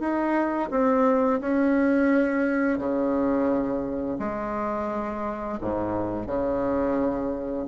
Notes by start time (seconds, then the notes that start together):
0.00 D#4
0.71 C4
1.41 C#4
2.79 C#3
4.20 G#3
5.61 G#2
6.27 C#3